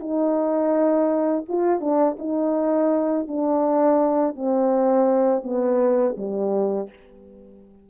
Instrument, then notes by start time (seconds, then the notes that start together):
horn
0.00 D#4
1.48 F4
1.80 D4
2.19 D#4
3.27 D4
4.35 C4
5.43 B3
6.17 G3